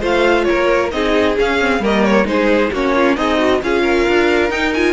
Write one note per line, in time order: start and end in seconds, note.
0.00 0.46 A3
0.00 0.90 F4
0.00 0.45 C5
0.00 0.44 F5
0.44 0.93 A#4
0.44 0.89 C#5
0.51 0.92 A#3
0.90 1.37 C4
0.90 1.35 D#4
0.90 1.81 G#4
0.90 1.36 D#5
1.36 1.59 C#4
1.36 1.79 C#4
1.36 1.84 F5
1.59 1.82 C4
1.79 2.24 G3
1.79 2.24 A#3
1.79 2.26 A#4
1.79 2.04 D#5
2.04 2.27 C#5
2.24 2.70 G#3
2.24 2.69 D#4
2.24 2.72 G#4
2.24 2.72 C5
2.72 3.17 A#3
2.72 3.18 C#4
2.72 2.95 F#4
2.72 3.16 C#5
2.95 3.16 F4
3.16 3.61 C4
3.16 3.61 D#4
3.16 3.38 G#4
3.16 3.61 D#5
3.38 3.60 F#4
3.62 4.06 C#4
3.62 4.50 F4
3.62 3.82 G#4
3.62 4.50 F5
3.82 4.93 A#4
4.07 4.49 D4
4.49 4.93 D#4
4.49 4.72 D#4
4.49 4.72 G5
4.73 4.93 F4
4.73 4.93 G#5